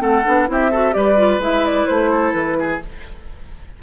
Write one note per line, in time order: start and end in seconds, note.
0.00 0.24 A3
0.00 0.23 C4
0.00 0.48 A4
0.00 0.49 F#5
0.25 0.49 B3
0.25 0.47 D4
0.47 0.95 C4
0.47 0.71 E4
0.47 0.71 G4
0.47 0.94 E5
0.71 0.92 F#4
0.71 0.94 A4
0.92 1.38 G3
0.92 1.15 G4
0.92 2.11 B4
0.92 1.40 D5
1.17 1.41 F4
1.38 1.85 G#3
1.38 2.81 E4
1.38 1.66 E5
1.66 1.87 D5
1.87 2.34 A3
1.87 2.33 C5
2.11 2.57 A4
2.33 2.80 E3
2.33 2.80 B4
2.59 2.83 G#4